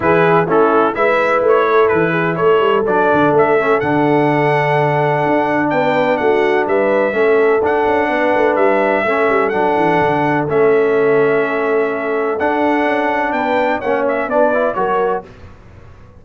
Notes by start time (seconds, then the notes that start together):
0.00 E3 E4 G#4 B4
0.46 A3 C#4 E4 A4
0.94 G#3 E4 B4 E5
1.41 A3 C#5
1.70 A4
1.88 E3 B4
2.11 G#4
2.36 A3 A4 C#5
2.60 G3
2.86 F#3 D4 D5
3.13 D3
3.31 A3
3.37 E5
3.59 C#4
3.79 D3 D4 F#5
5.25 D4
5.69 B3 B4 G5
6.17 A3 F#4 F#5
6.66 G3 B4 E5
7.13 A3 C#4 A4
7.61 D4 F#5
7.86 C#4
8.09 B3 B4
8.34 A3
8.55 G3 E5
9.04 A3 C#4 A4
9.29 G3
9.49 F#3 D4 F#5
9.76 E3
10.00 D3
10.48 A3 C#4 E5
12.39 D4 F#5
12.85 C#4
13.32 B3 B4 G5
13.78 A#3 C#4 C#5 F#5
14.07 E5
14.27 B3 D4 B4 D5
14.53 E4
14.74 F#3 F#4 A#4 C#5